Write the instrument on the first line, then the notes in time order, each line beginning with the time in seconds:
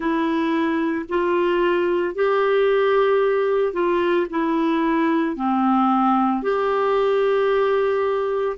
clarinet
0.00 E4
1.09 F4
2.14 G4
3.73 F4
4.30 E4
5.36 C4
6.42 G4